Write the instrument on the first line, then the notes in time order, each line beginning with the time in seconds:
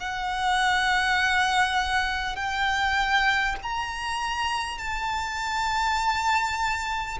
violin
0.00 F#5
2.36 G5
3.63 A#5
4.78 A5